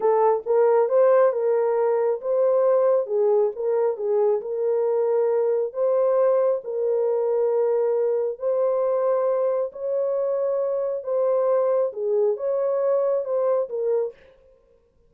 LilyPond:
\new Staff \with { instrumentName = "horn" } { \time 4/4 \tempo 4 = 136 a'4 ais'4 c''4 ais'4~ | ais'4 c''2 gis'4 | ais'4 gis'4 ais'2~ | ais'4 c''2 ais'4~ |
ais'2. c''4~ | c''2 cis''2~ | cis''4 c''2 gis'4 | cis''2 c''4 ais'4 | }